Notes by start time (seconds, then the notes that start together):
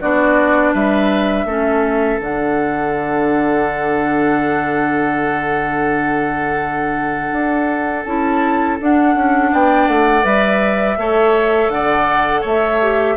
0.00 B3 D4 F#4 D5
0.73 G3 B4 E5
1.44 A3 C#4 A4
2.20 D3 D4 F#5
7.32 D4
8.04 C#4 E4 A5
8.80 D4 F#5
9.15 C#4
9.52 B3 D5 G5
9.87 A3 F#5
10.23 G3 B4 E5
10.97 A3 A4 C#5
11.69 D3 D5 F#5
12.41 A3 C#5 E5
12.81 G4